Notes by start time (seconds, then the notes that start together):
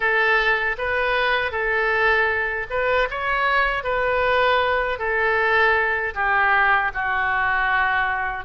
0.00 A4
0.77 B4
1.51 A4
2.70 B4
3.10 C#5
3.83 B4
4.98 A4
6.14 G4
6.93 F#4